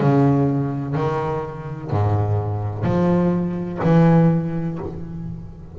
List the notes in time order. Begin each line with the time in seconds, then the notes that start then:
0.00 C#3
0.95 D#3
1.90 G#2
2.84 F3
3.84 E3